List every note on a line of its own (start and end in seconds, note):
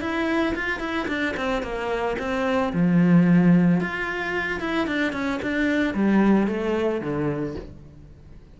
0.00 0.54 E4
0.55 0.80 F4
0.80 1.07 E4
1.07 1.34 D4
1.36 1.62 C4
1.62 2.16 A#3
2.18 2.72 C4
2.72 3.80 F3
3.80 4.60 F4
4.60 4.86 E4
4.86 5.12 D4
5.12 5.39 C#4
5.42 5.94 D4
5.94 6.47 G3
6.47 7.01 A3
7.01 7.55 D3